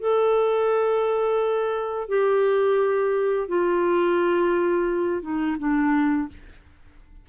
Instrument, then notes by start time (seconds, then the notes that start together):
clarinet
0.00 A4
2.09 G4
3.48 F4
5.22 D#4
5.58 D4